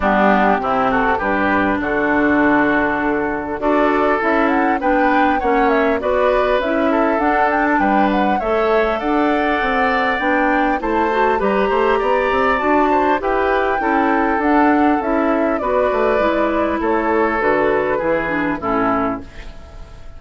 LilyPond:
<<
  \new Staff \with { instrumentName = "flute" } { \time 4/4 \tempo 4 = 100 g'4. a'8 b'4 a'4~ | a'2 d''4 e''8 fis''8 | g''4 fis''8 e''8 d''4 e''4 | fis''8 g''16 a''16 g''8 fis''8 e''4 fis''4~ |
fis''4 g''4 a''4 ais''4~ | ais''4 a''4 g''2 | fis''4 e''4 d''2 | cis''4 b'2 a'4 | }
  \new Staff \with { instrumentName = "oboe" } { \time 4/4 d'4 e'8 fis'8 g'4 fis'4~ | fis'2 a'2 | b'4 cis''4 b'4. a'8~ | a'4 b'4 cis''4 d''4~ |
d''2 c''4 b'8 c''8 | d''4. c''8 b'4 a'4~ | a'2 b'2 | a'2 gis'4 e'4 | }
  \new Staff \with { instrumentName = "clarinet" } { \time 4/4 b4 c'4 d'2~ | d'2 fis'4 e'4 | d'4 cis'4 fis'4 e'4 | d'2 a'2~ |
a'4 d'4 e'8 fis'8 g'4~ | g'4 fis'4 g'4 e'4 | d'4 e'4 fis'4 e'4~ | e'4 fis'4 e'8 d'8 cis'4 | }
  \new Staff \with { instrumentName = "bassoon" } { \time 4/4 g4 c4 g,4 d4~ | d2 d'4 cis'4 | b4 ais4 b4 cis'4 | d'4 g4 a4 d'4 |
c'4 b4 a4 g8 a8 | b8 c'8 d'4 e'4 cis'4 | d'4 cis'4 b8 a8 gis4 | a4 d4 e4 a,4 | }
>>